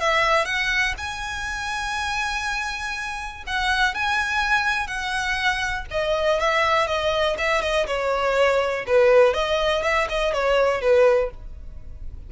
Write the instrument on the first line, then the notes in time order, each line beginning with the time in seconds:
violin
0.00 E5
0.45 F#5
0.97 G#5
3.47 F#5
3.94 G#5
4.87 F#5
5.90 D#5
6.40 E5
6.87 D#5
7.38 E5
7.61 D#5
7.87 C#5
8.87 B4
9.34 D#5
9.83 E5
10.09 D#5
10.33 C#5
10.81 B4